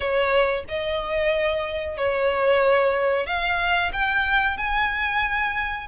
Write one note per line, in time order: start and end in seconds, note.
0.00 0.64 C#5
0.68 1.97 D#5
1.97 3.26 C#5
3.26 3.91 F5
3.92 4.57 G5
4.57 5.87 G#5